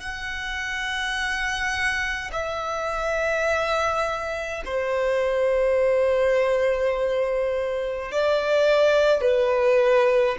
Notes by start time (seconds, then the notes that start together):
0.00 F#5
2.32 E5
4.65 C5
8.12 D5
9.21 B4